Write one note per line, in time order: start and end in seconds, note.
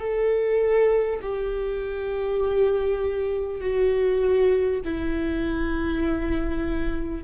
0.00 1.20 A4
1.22 3.61 G4
3.61 4.81 F#4
4.85 7.24 E4